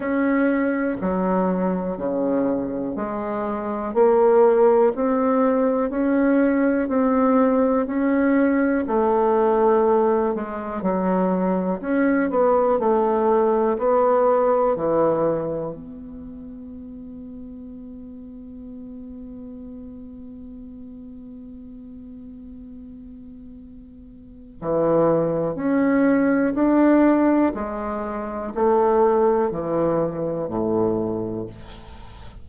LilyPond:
\new Staff \with { instrumentName = "bassoon" } { \time 4/4 \tempo 4 = 61 cis'4 fis4 cis4 gis4 | ais4 c'4 cis'4 c'4 | cis'4 a4. gis8 fis4 | cis'8 b8 a4 b4 e4 |
b1~ | b1~ | b4 e4 cis'4 d'4 | gis4 a4 e4 a,4 | }